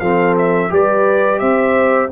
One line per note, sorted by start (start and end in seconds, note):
0.00 0.71 F3
0.00 0.70 C4
0.00 0.71 A4
0.00 0.35 F5
0.39 0.73 E5
0.70 1.41 G3
0.70 2.09 G4
0.70 1.41 B4
0.70 1.40 D5
1.40 2.11 C4
1.40 2.11 C5
1.40 2.09 E5